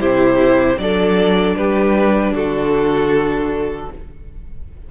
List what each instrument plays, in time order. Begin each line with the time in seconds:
0.00 cello C3, viola E4, violin G4 C5
0.78 cello F#3, viola D4, violin A4 D5
1.56 cello G3, violin G4 B4
2.33 cello D3, violin F#4 A4